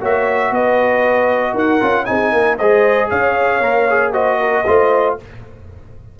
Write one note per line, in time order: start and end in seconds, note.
0.00 0.51 A#3
0.00 1.80 F#4
0.00 0.52 C#5
0.00 0.53 E5
0.51 1.54 B3
0.51 1.53 B4
0.51 1.57 D#5
1.53 1.80 D#4
1.53 2.05 A#4
1.53 2.05 F#5
1.80 2.08 C#4
1.80 2.06 F4
2.05 2.33 C4
2.05 2.57 D#4
2.05 2.32 G#4
2.05 2.57 G#5
2.32 2.59 A#3
2.32 2.58 A#4
2.58 3.11 G#3
2.58 3.62 G#4
2.58 3.09 C5
2.58 3.10 D#5
3.09 3.60 C#4
3.09 4.13 C#5
3.09 4.13 F5
3.60 4.63 A#3
3.60 3.88 A#4
3.90 4.13 G#4
4.13 4.65 F#4
4.13 4.38 C5
4.13 5.16 D#5
4.39 4.65 A#4
4.67 5.19 A3
4.67 5.18 F4
4.67 5.19 C5